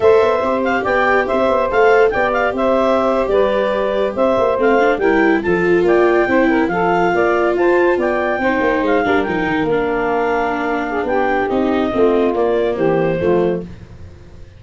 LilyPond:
<<
  \new Staff \with { instrumentName = "clarinet" } { \time 4/4 \tempo 4 = 141 e''4. f''8 g''4 e''4 | f''4 g''8 f''8 e''4.~ e''16 d''16~ | d''4.~ d''16 e''4 f''4 g''16~ | g''8. a''4 g''2 f''16~ |
f''4.~ f''16 a''4 g''4~ g''16~ | g''8. f''4 g''4 f''4~ f''16~ | f''2 g''4 dis''4~ | dis''4 d''4 c''2 | }
  \new Staff \with { instrumentName = "saxophone" } { \time 4/4 c''2 d''4 c''4~ | c''4 d''4 c''4.~ c''16 b'16~ | b'4.~ b'16 c''2 ais'16~ | ais'8. a'4 d''4 c''8 ais'8 a'16~ |
a'8. d''4 c''4 d''4 c''16~ | c''4~ c''16 ais'2~ ais'8.~ | ais'4. gis'8 g'2 | f'2 g'4 f'4 | }
  \new Staff \with { instrumentName = "viola" } { \time 4/4 a'4 g'2. | a'4 g'2.~ | g'2~ g'8. c'8 d'8 e'16~ | e'8. f'2 e'4 f'16~ |
f'2.~ f'8. dis'16~ | dis'4~ dis'16 d'8 dis'4 d'4~ d'16~ | d'2. dis'4 | c'4 ais2 a4 | }
  \new Staff \with { instrumentName = "tuba" } { \time 4/4 a8 b8 c'4 b4 c'8 b8 | a4 b4 c'4.~ c'16 g16~ | g4.~ g16 c'8 ais8 a4 g16~ | g8. f4 ais4 c'4 f16~ |
f8. ais4 f'4 b4 c'16~ | c'16 ais8 gis8 g8 f8 dis8 ais4~ ais16~ | ais2 b4 c'4 | a4 ais4 e4 f4 | }
>>